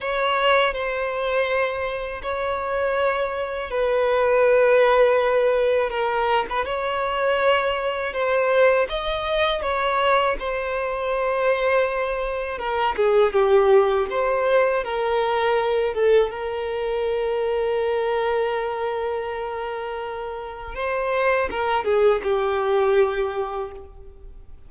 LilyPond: \new Staff \with { instrumentName = "violin" } { \time 4/4 \tempo 4 = 81 cis''4 c''2 cis''4~ | cis''4 b'2. | ais'8. b'16 cis''2 c''4 | dis''4 cis''4 c''2~ |
c''4 ais'8 gis'8 g'4 c''4 | ais'4. a'8 ais'2~ | ais'1 | c''4 ais'8 gis'8 g'2 | }